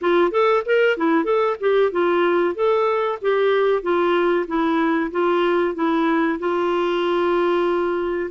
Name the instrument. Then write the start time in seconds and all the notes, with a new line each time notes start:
clarinet
0.01 F4
0.31 A4
0.65 A#4
0.97 E4
1.24 A4
1.60 G4
1.91 F4
2.54 A4
3.21 G4
3.82 F4
4.47 E4
5.11 F4
5.74 E4
6.39 F4